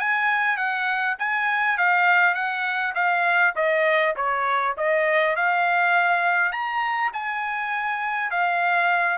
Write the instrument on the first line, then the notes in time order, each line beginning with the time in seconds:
trumpet
0.00 G#5
0.57 F#5
1.19 G#5
1.78 F5
2.35 F#5
2.95 F5
3.56 D#5
4.17 C#5
4.78 D#5
5.36 F5
6.53 A#5
7.13 G#5
8.31 F5